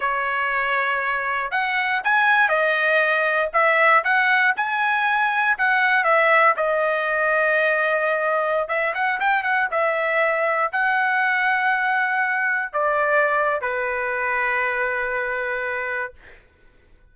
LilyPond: \new Staff \with { instrumentName = "trumpet" } { \time 4/4 \tempo 4 = 119 cis''2. fis''4 | gis''4 dis''2 e''4 | fis''4 gis''2 fis''4 | e''4 dis''2.~ |
dis''4~ dis''16 e''8 fis''8 g''8 fis''8 e''8.~ | e''4~ e''16 fis''2~ fis''8.~ | fis''4~ fis''16 d''4.~ d''16 b'4~ | b'1 | }